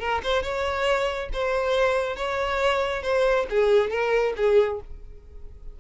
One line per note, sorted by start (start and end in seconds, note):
0.00 0.22 A#4
0.24 0.43 C5
0.43 1.30 C#5
1.33 2.16 C5
2.16 3.03 C#5
3.03 3.46 C5
3.50 3.90 G#4
3.90 4.34 A#4
4.37 4.80 G#4